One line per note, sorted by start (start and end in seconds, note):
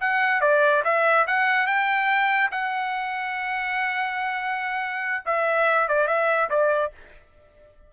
0.00 0.41 F#5
0.41 0.83 D5
0.84 1.26 E5
1.27 1.66 F#5
1.66 2.50 G5
2.51 5.24 F#5
5.25 5.88 E5
5.88 6.07 D5
6.07 6.49 E5
6.49 6.91 D5